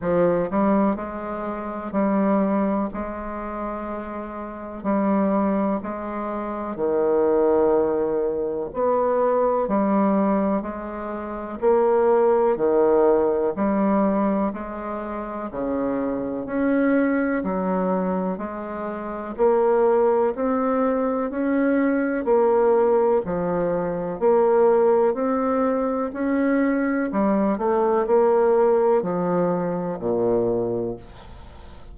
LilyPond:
\new Staff \with { instrumentName = "bassoon" } { \time 4/4 \tempo 4 = 62 f8 g8 gis4 g4 gis4~ | gis4 g4 gis4 dis4~ | dis4 b4 g4 gis4 | ais4 dis4 g4 gis4 |
cis4 cis'4 fis4 gis4 | ais4 c'4 cis'4 ais4 | f4 ais4 c'4 cis'4 | g8 a8 ais4 f4 ais,4 | }